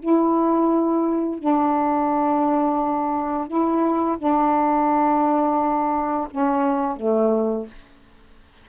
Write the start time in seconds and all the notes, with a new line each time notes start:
0.00 E4
1.39 D4
3.48 E4
4.19 D4
6.31 C#4
6.97 A3